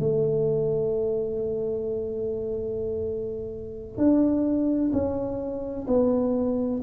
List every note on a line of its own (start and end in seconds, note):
0.00 3.98 A3
3.98 4.91 D4
4.93 5.87 C#4
5.88 6.81 B3